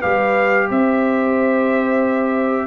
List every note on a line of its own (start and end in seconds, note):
0.00 0.71 G3
0.00 2.67 G4
0.00 0.67 B4
0.00 0.69 F5
0.69 2.67 C4
0.69 2.67 C5
0.69 2.67 E5